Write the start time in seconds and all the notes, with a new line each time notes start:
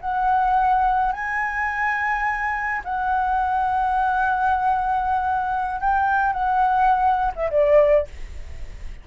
0.00 F#5
1.12 G#5
2.84 F#5
5.80 G5
6.33 F#5
7.35 E5
7.50 D5